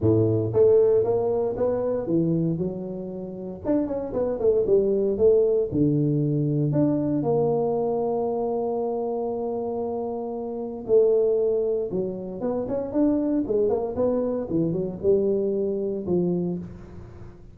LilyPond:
\new Staff \with { instrumentName = "tuba" } { \time 4/4 \tempo 4 = 116 a,4 a4 ais4 b4 | e4 fis2 d'8 cis'8 | b8 a8 g4 a4 d4~ | d4 d'4 ais2~ |
ais1~ | ais4 a2 fis4 | b8 cis'8 d'4 gis8 ais8 b4 | e8 fis8 g2 f4 | }